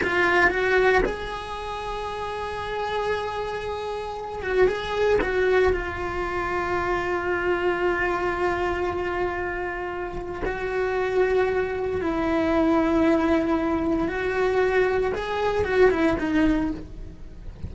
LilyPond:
\new Staff \with { instrumentName = "cello" } { \time 4/4 \tempo 4 = 115 f'4 fis'4 gis'2~ | gis'1~ | gis'8 fis'8 gis'4 fis'4 f'4~ | f'1~ |
f'1 | fis'2. e'4~ | e'2. fis'4~ | fis'4 gis'4 fis'8 e'8 dis'4 | }